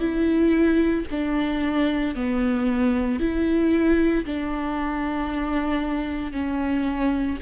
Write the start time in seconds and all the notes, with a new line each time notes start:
0.00 E4
1.11 D4
2.16 B3
3.20 E4
4.26 D4
6.32 C#4